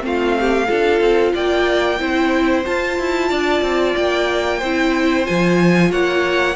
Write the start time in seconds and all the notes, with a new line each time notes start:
0.00 A3 C4 F4 F5
0.40 G4
0.67 D4 F4 A4
1.00 C4
1.34 A#3 D5 G5
1.99 C4 E4 C5
2.65 F4 A5
2.99 E4
3.29 D4 D5
3.62 C4
3.96 A#3 G5
4.58 C4 E4 C5
5.25 F3 F4 G#5
5.91 A#3 C#5 F#5